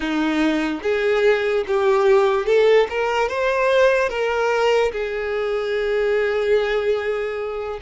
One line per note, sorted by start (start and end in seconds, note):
0.00 0.80 D#4
0.82 1.64 G#4
1.67 2.46 G4
2.46 2.87 A4
2.90 3.29 A#4
3.29 4.09 C5
4.09 4.91 A#4
4.91 7.79 G#4